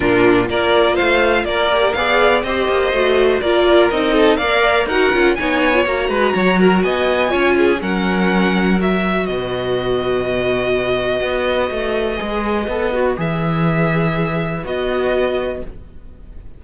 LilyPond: <<
  \new Staff \with { instrumentName = "violin" } { \time 4/4 \tempo 4 = 123 ais'4 d''4 f''4 d''4 | f''4 dis''2 d''4 | dis''4 f''4 fis''4 gis''4 | ais''2 gis''2 |
fis''2 e''4 dis''4~ | dis''1~ | dis''2. e''4~ | e''2 dis''2 | }
  \new Staff \with { instrumentName = "violin" } { \time 4/4 f'4 ais'4 c''4 ais'4 | d''4 c''2 ais'4~ | ais'8 a'8 d''4 ais'4 cis''4~ | cis''8 b'8 cis''8 ais'8 dis''4 cis''8 gis'8 |
ais'2. b'4~ | b'1~ | b'1~ | b'1 | }
  \new Staff \with { instrumentName = "viola" } { \time 4/4 d'4 f'2~ f'8 g'8 | gis'4 g'4 fis'4 f'4 | dis'4 ais'4 fis'8 f'8 dis'8. f'16 | fis'2. f'4 |
cis'2 fis'2~ | fis'1~ | fis'4 gis'4 a'8 fis'8 gis'4~ | gis'2 fis'2 | }
  \new Staff \with { instrumentName = "cello" } { \time 4/4 ais,4 ais4 a4 ais4 | b4 c'8 ais8 a4 ais4 | c'4 ais4 dis'8 cis'8 b4 | ais8 gis8 fis4 b4 cis'4 |
fis2. b,4~ | b,2. b4 | a4 gis4 b4 e4~ | e2 b2 | }
>>